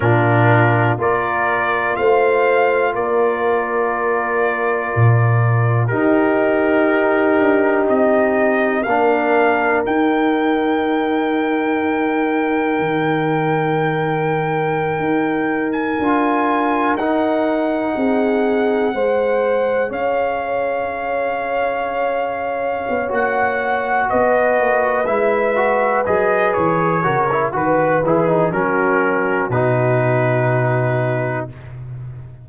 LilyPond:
<<
  \new Staff \with { instrumentName = "trumpet" } { \time 4/4 \tempo 4 = 61 ais'4 d''4 f''4 d''4~ | d''2 ais'2 | dis''4 f''4 g''2~ | g''1 |
gis''4~ gis''16 fis''2~ fis''8.~ | fis''16 f''2.~ f''16 fis''8~ | fis''8 dis''4 e''4 dis''8 cis''4 | b'8 gis'8 ais'4 b'2 | }
  \new Staff \with { instrumentName = "horn" } { \time 4/4 f'4 ais'4 c''4 ais'4~ | ais'2 g'2~ | g'4 ais'2.~ | ais'1~ |
ais'2~ ais'16 gis'4 c''8.~ | c''16 cis''2.~ cis''8.~ | cis''8 b'2. ais'8 | b'4 fis'2. | }
  \new Staff \with { instrumentName = "trombone" } { \time 4/4 d'4 f'2.~ | f'2 dis'2~ | dis'4 d'4 dis'2~ | dis'1~ |
dis'16 f'4 dis'2 gis'8.~ | gis'2.~ gis'8 fis'8~ | fis'4. e'8 fis'8 gis'4 fis'16 e'16 | fis'8 e'16 dis'16 cis'4 dis'2 | }
  \new Staff \with { instrumentName = "tuba" } { \time 4/4 ais,4 ais4 a4 ais4~ | ais4 ais,4 dis'4. d'8 | c'4 ais4 dis'2~ | dis'4 dis2~ dis16 dis'8.~ |
dis'16 d'4 dis'4 c'4 gis8.~ | gis16 cis'2. b16 ais8~ | ais8 b8 ais8 gis4 fis8 e8 cis8 | dis8 e8 fis4 b,2 | }
>>